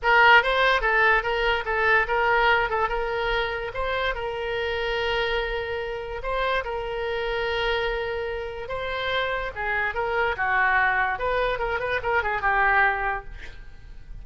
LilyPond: \new Staff \with { instrumentName = "oboe" } { \time 4/4 \tempo 4 = 145 ais'4 c''4 a'4 ais'4 | a'4 ais'4. a'8 ais'4~ | ais'4 c''4 ais'2~ | ais'2. c''4 |
ais'1~ | ais'4 c''2 gis'4 | ais'4 fis'2 b'4 | ais'8 b'8 ais'8 gis'8 g'2 | }